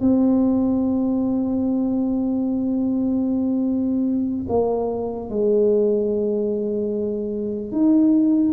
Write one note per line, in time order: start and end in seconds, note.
0.00 4.46 C4
4.49 5.30 A#3
5.30 7.71 G#3
7.71 8.52 D#4